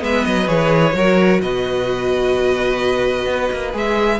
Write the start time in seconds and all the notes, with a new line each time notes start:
0.00 G#3 B3 B4 E5
0.25 F#3 D#5
0.47 E3 G#4 C#5
0.93 F#3 F#4 A#4
1.41 B2 B4 D#5
3.27 B3
3.52 A#3
3.73 G#3 G#4 E5